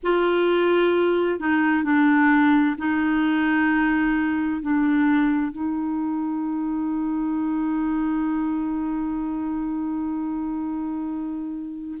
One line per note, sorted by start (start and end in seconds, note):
0.03 1.39 F4
1.39 1.83 D#4
1.83 2.76 D4
2.77 4.61 D#4
4.61 5.51 D4
5.51 11.97 D#4